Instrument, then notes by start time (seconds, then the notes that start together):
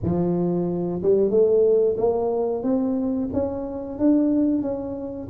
tuba
0.03 F3
1.02 G3
1.30 A3
1.97 A#3
2.63 C4
3.33 C#4
3.98 D4
4.62 C#4